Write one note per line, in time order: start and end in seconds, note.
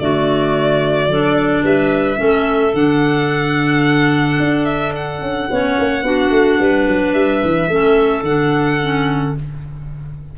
0.00 1.08 D3
0.00 1.11 A3
0.00 1.10 F#4
0.00 1.65 D5
1.08 1.63 F#3
1.08 2.17 D4
1.08 1.64 A4
1.64 2.19 G3
1.64 2.19 B4
1.64 2.75 E5
2.17 2.74 A3
2.17 2.72 C#4
2.17 5.50 A4
2.74 4.39 D3
2.74 5.50 D4
2.74 4.65 F#5
4.40 5.22 D4
4.65 4.93 E5
4.96 7.13 F#5
5.22 5.49 C#4
5.50 5.79 B3
5.50 6.03 C#4
5.50 6.05 C#5
5.79 6.03 A#3
6.03 6.30 B3
6.03 7.69 D4
6.03 6.60 F#4
6.31 6.58 A3
6.60 6.87 G3
6.60 7.70 B4
6.88 7.14 F#3
7.13 7.42 G3
7.13 8.23 E5
7.44 7.69 E3
7.69 8.23 A3
7.69 8.24 C#4
7.69 9.38 A4
8.23 9.33 D3
8.23 8.81 D4
8.23 9.36 F#5
8.81 9.36 C#4